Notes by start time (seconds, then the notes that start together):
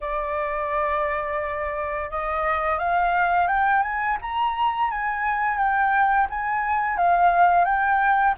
0.01 D5
2.10 D#5
2.78 F5
3.47 G5
3.82 G#5
4.21 A#5
4.91 G#5
5.57 G5
6.30 G#5
6.97 F5
7.64 G5